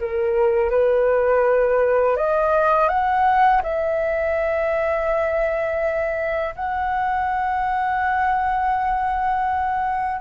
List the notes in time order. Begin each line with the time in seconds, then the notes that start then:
0.00 A#4
0.71 B4
2.17 D#5
2.89 F#5
3.63 E5
6.56 F#5